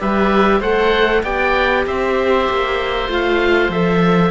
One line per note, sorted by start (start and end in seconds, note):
0.00 0.61 G3
0.00 0.62 G4
0.00 0.60 B4
0.00 0.62 E5
0.60 1.23 A3
0.60 1.24 A4
0.60 1.22 C5
0.60 1.24 F#5
1.23 1.86 B3
1.23 3.09 G4
1.23 1.85 D5
1.23 1.85 G5
1.87 2.49 C4
1.87 4.32 C5
1.87 3.11 E5
2.50 3.09 A#3
3.09 3.70 A3
3.09 3.71 F4
3.09 3.71 F5
3.70 4.32 F3
3.70 4.32 A4
3.70 4.32 E5